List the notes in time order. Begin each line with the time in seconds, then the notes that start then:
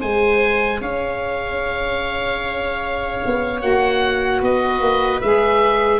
0.00 G#3 G#4 C5 G#5
0.81 C#4 C#5 F5
3.25 B3
3.61 A#3 F#4 F#5
4.40 B3 B4 D#5
4.80 A#3
5.21 G#3 G#4 E5